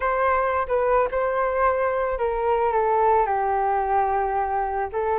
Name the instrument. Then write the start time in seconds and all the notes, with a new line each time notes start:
flute
0.00 C5
0.67 B4
1.11 C5
2.18 A#4
2.72 A4
3.26 G4
4.92 A4